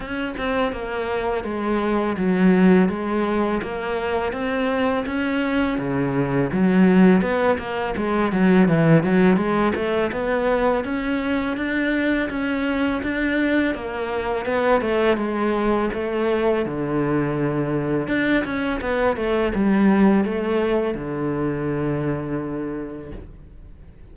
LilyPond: \new Staff \with { instrumentName = "cello" } { \time 4/4 \tempo 4 = 83 cis'8 c'8 ais4 gis4 fis4 | gis4 ais4 c'4 cis'4 | cis4 fis4 b8 ais8 gis8 fis8 | e8 fis8 gis8 a8 b4 cis'4 |
d'4 cis'4 d'4 ais4 | b8 a8 gis4 a4 d4~ | d4 d'8 cis'8 b8 a8 g4 | a4 d2. | }